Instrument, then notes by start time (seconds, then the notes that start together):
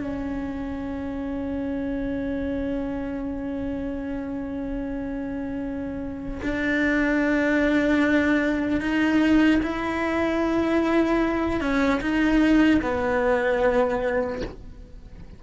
cello
0.00 C#4
6.43 D4
8.80 D#4
9.62 E4
11.60 C#4
12.01 D#4
12.81 B3